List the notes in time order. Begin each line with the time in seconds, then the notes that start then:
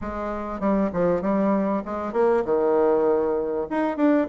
0.01 G#3
0.60 G3
0.92 F3
1.21 G3
1.85 G#3
2.13 A#3
2.44 D#3
3.70 D#4
3.96 D4